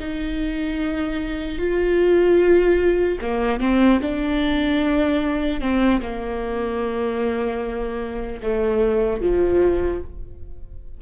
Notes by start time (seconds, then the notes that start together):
0.00 D#4
1.58 F4
3.21 A#3
3.60 C4
4.01 D4
5.61 C4
6.01 A#3
8.43 A3
9.21 F3